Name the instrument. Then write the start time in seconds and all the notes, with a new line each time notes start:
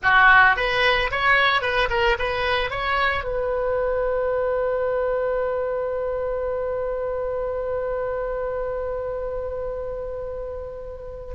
oboe
0.03 F#4
0.56 B4
1.11 C#5
1.61 B4
1.89 A#4
2.18 B4
2.70 C#5
3.24 B4